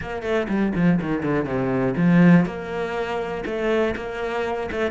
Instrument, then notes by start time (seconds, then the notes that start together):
cello
0.01 A#3
0.22 A3
0.48 G3
0.75 F3
1.01 D#3
1.23 D3
1.45 C3
1.96 F3
2.45 A#3
3.45 A3
3.96 A#3
4.71 A3